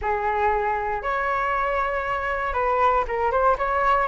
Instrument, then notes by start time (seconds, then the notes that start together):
flute
0.01 G#4
1.02 C#5
2.53 B4
3.07 A#4
3.31 C5
3.58 C#5